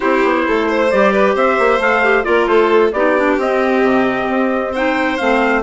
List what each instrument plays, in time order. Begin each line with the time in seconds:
0.00 bassoon C4, clarinet E4, violin G4, trumpet C5
0.23 bassoon B3
0.47 bassoon A3, violin A4
0.68 violin C5
0.90 bassoon G3, clarinet G4, trumpet D5
1.12 violin B4
1.34 bassoon C4, violin C5, trumpet E5
1.58 bassoon A#3
1.78 bassoon A3, clarinet A4, trumpet F5
2.03 clarinet G4
2.23 bassoon A#3, clarinet F4, violin A#4, trumpet D5
2.46 bassoon A3, violin A4, trumpet C5
2.92 bassoon B3, clarinet D#4, violin G4, trumpet D5
3.18 clarinet D4
3.37 bassoon C4, clarinet C4, trumpet D#5
3.82 bassoon C3
4.28 bassoon C4
4.72 clarinet D#4, violin C5, trumpet G5
5.17 bassoon A3, clarinet C4, trumpet F5